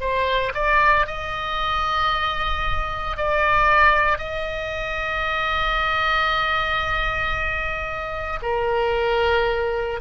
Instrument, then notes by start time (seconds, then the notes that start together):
oboe
0.00 C5
0.54 D5
1.06 D#5
3.17 D5
4.18 D#5
8.42 A#4